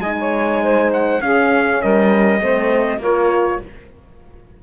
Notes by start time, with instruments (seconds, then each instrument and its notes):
0.00 cello G#3, horn D#4, saxophone D#5, trumpet G#5
0.19 saxophone C#5
0.63 saxophone C5
0.93 trumpet F#5
1.22 cello C#4, horn C#4, saxophone G#4, trumpet F5
1.82 cello G3, saxophone A#4, trumpet D#5
2.41 cello A3, horn C4, saxophone C5
2.98 cello A#3, horn F4, saxophone A#4, trumpet C#5